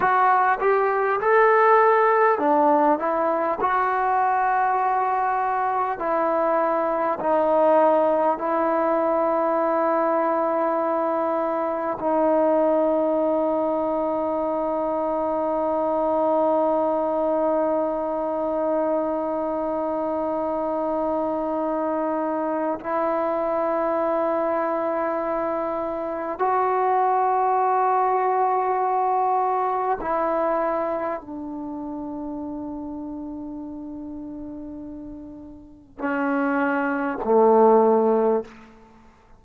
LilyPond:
\new Staff \with { instrumentName = "trombone" } { \time 4/4 \tempo 4 = 50 fis'8 g'8 a'4 d'8 e'8 fis'4~ | fis'4 e'4 dis'4 e'4~ | e'2 dis'2~ | dis'1~ |
dis'2. e'4~ | e'2 fis'2~ | fis'4 e'4 d'2~ | d'2 cis'4 a4 | }